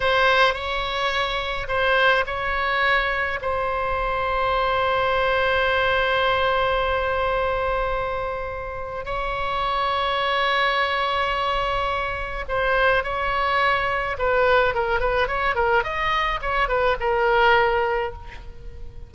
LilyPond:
\new Staff \with { instrumentName = "oboe" } { \time 4/4 \tempo 4 = 106 c''4 cis''2 c''4 | cis''2 c''2~ | c''1~ | c''1 |
cis''1~ | cis''2 c''4 cis''4~ | cis''4 b'4 ais'8 b'8 cis''8 ais'8 | dis''4 cis''8 b'8 ais'2 | }